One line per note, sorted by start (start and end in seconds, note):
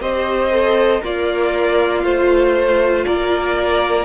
0.00 1.02 C4
0.00 0.51 G4
0.00 1.03 C5
0.00 1.03 D#5
0.51 1.01 A4
1.01 2.04 A#3
1.01 3.06 F4
1.01 2.03 A#4
1.01 2.04 D5
2.03 3.06 A3
2.03 4.06 F4
2.03 3.05 C5
3.05 4.06 A#3
3.05 4.06 A#4
3.05 4.06 D5